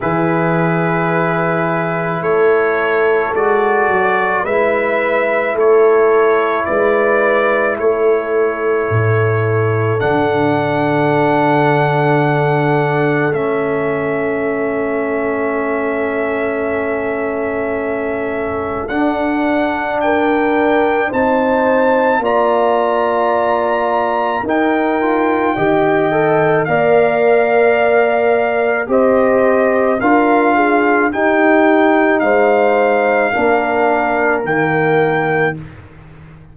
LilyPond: <<
  \new Staff \with { instrumentName = "trumpet" } { \time 4/4 \tempo 4 = 54 b'2 cis''4 d''4 | e''4 cis''4 d''4 cis''4~ | cis''4 fis''2. | e''1~ |
e''4 fis''4 g''4 a''4 | ais''2 g''2 | f''2 dis''4 f''4 | g''4 f''2 g''4 | }
  \new Staff \with { instrumentName = "horn" } { \time 4/4 gis'2 a'2 | b'4 a'4 b'4 a'4~ | a'1~ | a'1~ |
a'2 ais'4 c''4 | d''2 ais'4 dis''4 | d''2 c''4 ais'8 gis'8 | g'4 c''4 ais'2 | }
  \new Staff \with { instrumentName = "trombone" } { \time 4/4 e'2. fis'4 | e'1~ | e'4 d'2. | cis'1~ |
cis'4 d'2 dis'4 | f'2 dis'8 f'8 g'8 a'8 | ais'2 g'4 f'4 | dis'2 d'4 ais4 | }
  \new Staff \with { instrumentName = "tuba" } { \time 4/4 e2 a4 gis8 fis8 | gis4 a4 gis4 a4 | a,4 d2. | a1~ |
a4 d'2 c'4 | ais2 dis'4 dis4 | ais2 c'4 d'4 | dis'4 gis4 ais4 dis4 | }
>>